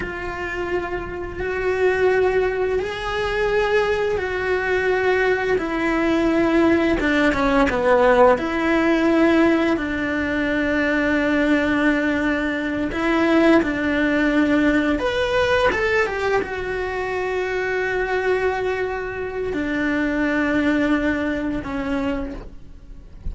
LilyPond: \new Staff \with { instrumentName = "cello" } { \time 4/4 \tempo 4 = 86 f'2 fis'2 | gis'2 fis'2 | e'2 d'8 cis'8 b4 | e'2 d'2~ |
d'2~ d'8 e'4 d'8~ | d'4. b'4 a'8 g'8 fis'8~ | fis'1 | d'2. cis'4 | }